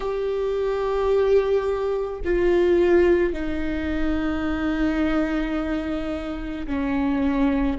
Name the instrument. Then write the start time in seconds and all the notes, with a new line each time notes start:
viola
0.00 G4
2.24 F4
3.33 D#4
6.66 C#4